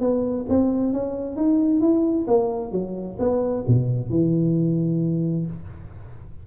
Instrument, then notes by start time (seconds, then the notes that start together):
tuba
0.00 B3
0.49 C4
0.93 C#4
1.36 D#4
1.81 E4
2.27 A#3
2.72 F#3
3.19 B3
3.67 B2
4.10 E3